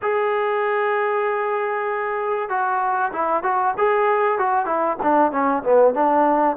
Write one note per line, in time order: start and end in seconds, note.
0.01 2.49 G#4
2.49 3.11 F#4
3.12 3.43 E4
3.43 3.74 F#4
3.77 4.38 G#4
4.38 4.65 F#4
4.65 4.96 E4
5.02 5.31 D4
5.31 5.62 C#4
5.62 5.94 B3
5.94 6.57 D4